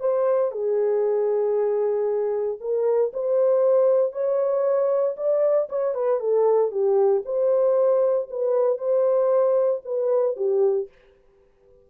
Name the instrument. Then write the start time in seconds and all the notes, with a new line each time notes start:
horn
0.00 C5
0.52 G#4
2.61 A#4
3.13 C5
4.12 C#5
5.17 D5
5.69 C#5
5.95 B4
6.20 A4
6.71 G4
7.25 C5
8.30 B4
8.78 C5
9.85 B4
10.37 G4